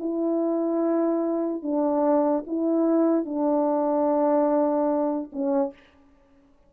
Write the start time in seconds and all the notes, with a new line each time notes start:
0.00 E4
1.63 D4
2.47 E4
3.25 D4
5.33 C#4